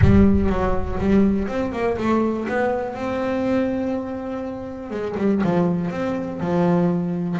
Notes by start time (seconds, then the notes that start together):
0.01 G3
0.49 F#3
0.99 G3
1.48 C4
1.72 A#3
1.97 A3
2.48 B3
2.94 C4
4.90 G#3
5.17 G3
5.43 F3
5.90 C4
6.40 F3